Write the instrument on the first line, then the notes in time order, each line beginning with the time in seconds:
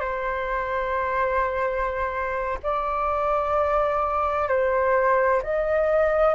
flute
0.00 C5
2.62 D5
4.48 C5
5.42 D#5